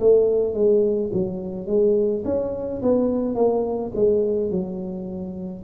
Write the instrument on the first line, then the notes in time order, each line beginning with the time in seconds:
tuba
0.00 A3
0.54 G#3
1.13 F#3
1.67 G#3
2.25 C#4
2.82 B3
3.35 A#3
3.95 G#3
4.51 F#3